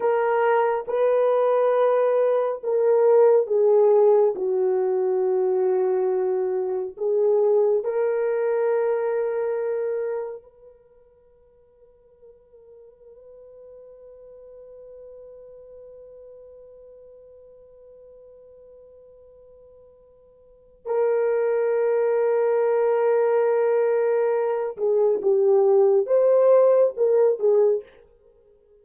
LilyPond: \new Staff \with { instrumentName = "horn" } { \time 4/4 \tempo 4 = 69 ais'4 b'2 ais'4 | gis'4 fis'2. | gis'4 ais'2. | b'1~ |
b'1~ | b'1 | ais'1~ | ais'8 gis'8 g'4 c''4 ais'8 gis'8 | }